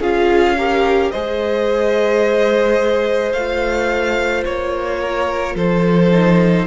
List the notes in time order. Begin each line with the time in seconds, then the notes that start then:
0.00 C#4 F4 G#4 F5
0.57 G4 A#4
1.11 G#3 G#4 C5 D#5
3.33 A3 F4 F5
4.45 A#3 C#5
5.00 A#4
5.55 F3 A4 C5
6.12 D#4